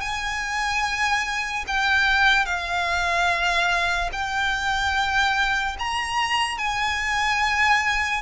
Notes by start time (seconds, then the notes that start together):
0.00 G#5
1.67 G5
2.45 F5
4.12 G5
5.78 A#5
6.58 G#5